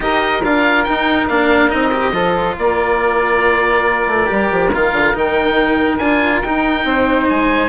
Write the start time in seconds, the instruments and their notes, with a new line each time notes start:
0.00 bassoon D#4, cello G4, saxophone A#4, oboe D#5
0.43 bassoon D4, cello F4, oboe F5
0.84 cello D#4, bassoon D#4, oboe G5
1.27 bassoon A#3, cello D4, oboe F5
1.69 bassoon C4, cello D#4, oboe D#5
1.91 cello G4
2.12 bassoon F3, cello F4, saxophone A4
2.58 bassoon A#3, saxophone A#4, oboe D5
4.06 bassoon A3
4.26 bassoon G3, cello G4
4.51 bassoon F3
4.73 bassoon D#3, cello F4, oboe F5
4.92 bassoon D3
5.13 bassoon D#3, cello D#4, oboe G5
5.98 bassoon D4, cello F4, oboe G#5
6.41 bassoon D#4, cello D#4, oboe G5
6.84 bassoon C4, saxophone C5
7.29 bassoon G#3, oboe G#5